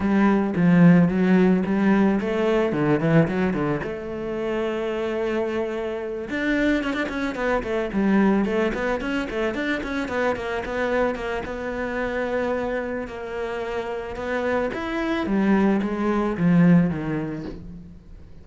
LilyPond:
\new Staff \with { instrumentName = "cello" } { \time 4/4 \tempo 4 = 110 g4 f4 fis4 g4 | a4 d8 e8 fis8 d8 a4~ | a2.~ a8 d'8~ | d'8 cis'16 d'16 cis'8 b8 a8 g4 a8 |
b8 cis'8 a8 d'8 cis'8 b8 ais8 b8~ | b8 ais8 b2. | ais2 b4 e'4 | g4 gis4 f4 dis4 | }